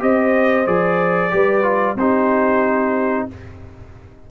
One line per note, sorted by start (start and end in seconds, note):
0.00 0.67 C4
0.00 0.65 G4
0.00 1.34 C5
0.00 0.67 D#5
0.66 1.32 F3
0.66 1.31 G#4
0.66 1.98 D5
1.31 1.96 G3
1.31 1.63 G4
1.31 1.97 B4
1.63 1.96 F4
1.96 3.26 C4
1.96 3.31 D#4
1.96 3.27 G4
1.96 3.28 C5